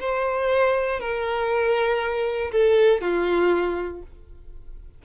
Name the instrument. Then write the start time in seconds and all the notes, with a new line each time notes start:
violin
0.00 C5
1.00 A#4
2.52 A4
3.01 F4